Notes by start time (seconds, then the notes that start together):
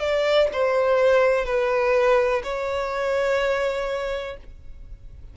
0.00 D5
0.53 C5
1.46 B4
2.44 C#5